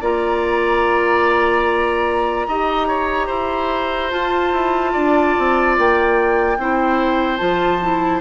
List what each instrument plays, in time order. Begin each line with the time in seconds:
0.00 bassoon A#3, clarinet F4, oboe D5, flute A#5
2.47 bassoon D#4, clarinet G4, oboe D#5
2.87 oboe C#5
3.26 bassoon E4, oboe C5
4.10 clarinet F4, bassoon F4, flute A5
4.52 bassoon E4
4.92 bassoon D4, oboe D5
5.38 bassoon C4
5.78 bassoon A#3, flute G5
6.57 bassoon C4, clarinet E4, oboe C5
7.37 bassoon F3, clarinet F4, flute A5
7.82 clarinet E4